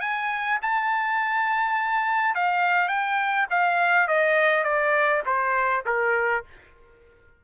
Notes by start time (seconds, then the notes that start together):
0.00 G#5
0.61 A5
2.34 F5
2.88 G5
3.50 F5
4.07 D#5
4.63 D5
5.25 C5
5.85 A#4